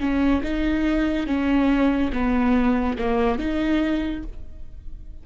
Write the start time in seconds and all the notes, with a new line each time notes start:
0.00 C#4
0.43 D#4
1.27 C#4
2.13 B3
2.99 A#3
3.39 D#4